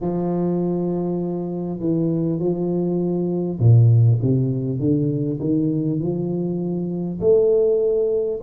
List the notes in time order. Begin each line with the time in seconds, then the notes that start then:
0.00 F3
1.79 E3
2.39 F3
3.59 A#2
4.22 C3
4.79 D3
5.39 D#3
5.99 F3
7.20 A3